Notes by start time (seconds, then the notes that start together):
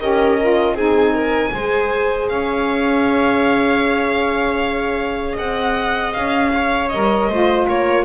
0.00 C#4 G4 A#4 D#5
0.40 F4
0.73 C4 D#4 G#4 G#5
1.14 A#4
1.53 G#3 G#4 C5
2.29 C#4 C#5 F5
5.33 C4 D#5 F#5
6.13 C#4 F5
6.55 C#5
6.89 G3 A#4 D#5
7.28 A3 F4 C5
7.68 A#3 A#4 C#5